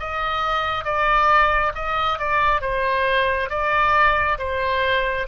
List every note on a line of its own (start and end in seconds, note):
0.00 0.85 D#5
0.85 1.73 D5
1.75 2.19 D#5
2.19 2.61 D5
2.61 3.50 C5
3.50 4.38 D5
4.39 5.27 C5